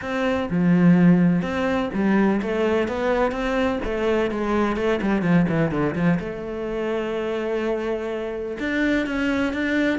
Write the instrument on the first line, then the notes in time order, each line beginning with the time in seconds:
cello
0.01 C4
0.50 F3
1.42 C4
1.93 G3
2.42 A3
2.88 B3
3.31 C4
3.84 A3
4.30 G#3
4.76 A3
5.01 G3
5.22 F3
5.48 E3
5.71 D3
5.95 F3
6.19 A3
8.59 D4
9.06 C#4
9.53 D4